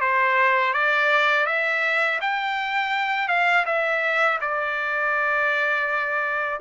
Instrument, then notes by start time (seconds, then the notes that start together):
trumpet
0.00 C5
0.73 D5
1.46 E5
2.21 G5
3.28 F5
3.66 E5
4.40 D5